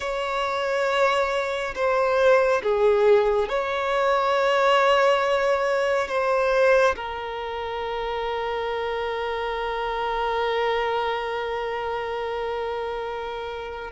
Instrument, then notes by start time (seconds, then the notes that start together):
violin
0.00 C#5
1.75 C5
2.62 G#4
3.48 C#5
6.08 C5
6.95 A#4